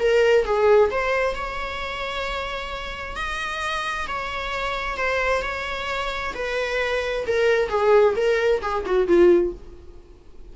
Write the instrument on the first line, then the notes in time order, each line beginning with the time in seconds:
viola
0.00 A#4
0.45 G#4
0.91 C5
1.36 C#5
3.16 D#5
4.08 C#5
4.98 C5
5.43 C#5
6.35 B4
7.27 A#4
7.69 G#4
8.16 A#4
8.62 G#4
8.86 F#4
9.08 F4